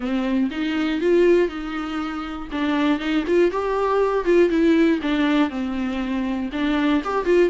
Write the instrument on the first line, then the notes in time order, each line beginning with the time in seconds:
viola
0.00 C4
0.50 D#4
1.00 F4
1.48 D#4
2.51 D4
2.99 D#4
3.27 F4
3.51 G4
4.25 F4
4.49 E4
5.01 D4
5.49 C4
6.52 D4
7.04 G4
7.25 F4